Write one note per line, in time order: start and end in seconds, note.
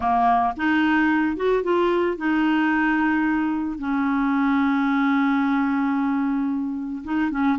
0.00 0.54 A#3
0.57 1.36 D#4
1.36 1.63 F#4
1.63 2.17 F4
2.17 3.78 D#4
3.78 7.02 C#4
7.04 7.30 D#4
7.30 7.57 C#4